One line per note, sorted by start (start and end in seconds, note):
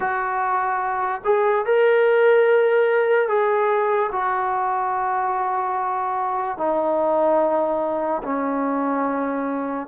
0.00 1.21 F#4
1.24 1.65 G#4
1.65 3.28 A#4
3.28 4.10 G#4
4.12 6.57 F#4
6.57 8.22 D#4
8.23 9.87 C#4